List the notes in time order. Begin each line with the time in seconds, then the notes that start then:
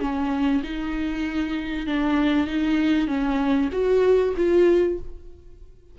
0.00 C#4
0.63 D#4
1.86 D4
2.47 D#4
3.07 C#4
3.72 F#4
4.36 F4